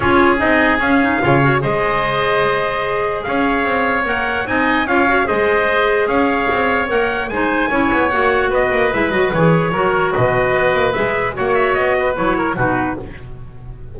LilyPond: <<
  \new Staff \with { instrumentName = "trumpet" } { \time 4/4 \tempo 4 = 148 cis''4 dis''4 f''2 | dis''1 | f''2 fis''4 gis''4 | f''4 dis''2 f''4~ |
f''4 fis''4 gis''2 | fis''4 dis''4 e''8 dis''8 cis''4~ | cis''4 dis''2 e''4 | fis''8 e''8 dis''4 cis''4 b'4 | }
  \new Staff \with { instrumentName = "oboe" } { \time 4/4 gis'2. cis''4 | c''1 | cis''2. dis''4 | cis''4 c''2 cis''4~ |
cis''2 c''4 cis''4~ | cis''4 b'2. | ais'4 b'2. | cis''4. b'4 ais'8 fis'4 | }
  \new Staff \with { instrumentName = "clarinet" } { \time 4/4 f'4 dis'4 cis'8 dis'8 f'8 fis'8 | gis'1~ | gis'2 ais'4 dis'4 | f'8 fis'8 gis'2.~ |
gis'4 ais'4 dis'4 e'4 | fis'2 e'8 fis'8 gis'4 | fis'2. gis'4 | fis'2 e'4 dis'4 | }
  \new Staff \with { instrumentName = "double bass" } { \time 4/4 cis'4 c'4 cis'4 cis4 | gis1 | cis'4 c'4 ais4 c'4 | cis'4 gis2 cis'4 |
c'4 ais4 gis4 cis'8 b8 | ais4 b8 ais8 gis8 fis8 e4 | fis4 b,4 b8 ais8 gis4 | ais4 b4 fis4 b,4 | }
>>